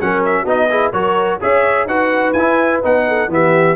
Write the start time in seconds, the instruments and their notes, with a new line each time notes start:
0.00 tuba F#3, trombone C#4, horn A#4, trumpet F#5
0.25 trumpet E5
0.44 tuba B3, trombone D#4, horn F#4, trumpet D#5
0.70 trombone E4, horn G#4
0.93 tuba F#3, trombone F#4, horn A#4, trumpet C#5
1.41 tuba C#4, trombone G#4, horn C#5, trumpet E5
1.86 tuba D#4, trombone F#4, horn B4, trumpet F#5
2.33 tuba E4, trombone E4, trumpet G#5
2.83 tuba B3, trombone D#4, trumpet F#5
3.08 horn A4
3.28 tuba E3, trombone B3, horn G4, trumpet E5